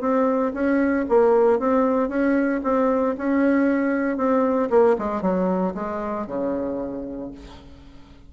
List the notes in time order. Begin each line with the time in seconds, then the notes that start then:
0.00 C4
0.53 C#4
1.08 A#3
1.59 C4
2.08 C#4
2.63 C4
3.17 C#4
4.17 C4
4.70 A#3
4.98 G#3
5.21 F#3
5.74 G#3
6.27 C#3